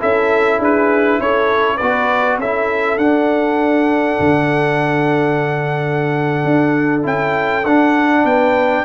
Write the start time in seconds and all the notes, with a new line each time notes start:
0.00 C#4 E4 A4 E5
0.59 D4 G#4 B4
1.20 C#4 A4 C#5
1.77 B3 F#4 B4 D5
2.38 C#4 E4 A4 E5
2.98 D4 F#5
4.20 D3
6.45 D4
7.03 C#4 E4 G5
7.65 D4 F#5
8.25 B3 B4 G5